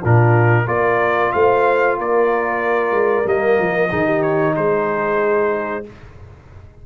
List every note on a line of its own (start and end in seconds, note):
0.00 0.67 A#2
0.00 0.67 D4
0.00 0.65 F4
0.00 0.68 A#4
0.67 1.31 A#3
0.67 3.24 F4
0.67 1.33 A#4
0.67 1.32 D5
1.32 1.99 A3
1.32 1.98 C5
1.32 1.97 F5
1.98 2.92 A#3
1.98 3.90 A#4
1.98 3.28 D5
2.92 3.24 G#3
3.24 3.58 G3
3.24 3.89 A#3
3.24 4.22 D#5
3.60 3.92 F3
3.90 4.57 D#3
3.90 5.84 D#4
3.90 4.06 G#4
4.06 4.54 G4
4.22 4.55 C#5
4.55 5.86 G#3
4.55 5.84 G#4
4.55 5.86 C5